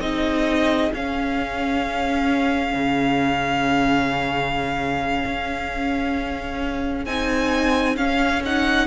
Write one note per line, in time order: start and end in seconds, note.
0.00 0.91 C4
0.00 0.91 D#4
0.00 8.87 G#4
0.00 0.91 D#5
0.92 7.05 C#4
0.92 2.74 C#4
0.92 7.05 F5
2.74 5.24 C#3
5.25 7.06 C#4
7.05 7.97 C4
7.05 7.97 D#4
7.05 7.96 G#5
7.97 8.42 C#4
7.97 8.87 C#4
7.97 8.42 F5
8.45 8.87 D#4
8.45 8.87 F#5